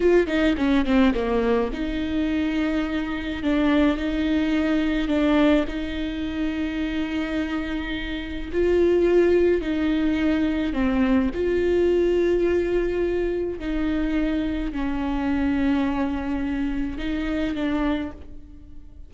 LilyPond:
\new Staff \with { instrumentName = "viola" } { \time 4/4 \tempo 4 = 106 f'8 dis'8 cis'8 c'8 ais4 dis'4~ | dis'2 d'4 dis'4~ | dis'4 d'4 dis'2~ | dis'2. f'4~ |
f'4 dis'2 c'4 | f'1 | dis'2 cis'2~ | cis'2 dis'4 d'4 | }